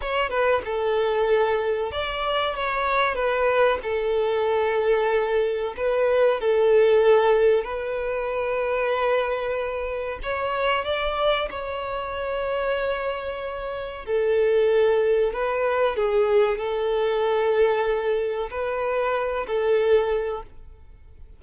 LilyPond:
\new Staff \with { instrumentName = "violin" } { \time 4/4 \tempo 4 = 94 cis''8 b'8 a'2 d''4 | cis''4 b'4 a'2~ | a'4 b'4 a'2 | b'1 |
cis''4 d''4 cis''2~ | cis''2 a'2 | b'4 gis'4 a'2~ | a'4 b'4. a'4. | }